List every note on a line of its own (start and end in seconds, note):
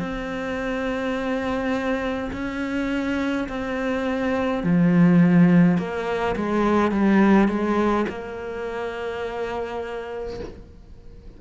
0.00 2.31 C4
2.33 3.48 C#4
3.49 4.64 C4
4.64 5.78 F3
5.78 6.36 A#3
6.36 6.92 G#3
6.92 7.48 G3
7.48 8.06 G#3
8.09 10.40 A#3